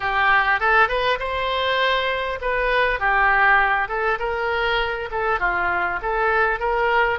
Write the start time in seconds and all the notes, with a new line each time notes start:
0.00 G4
0.59 A4
0.88 B4
1.19 C5
2.41 B4
2.99 G4
3.88 A4
4.19 A#4
5.11 A4
5.39 F4
6.02 A4
6.59 A#4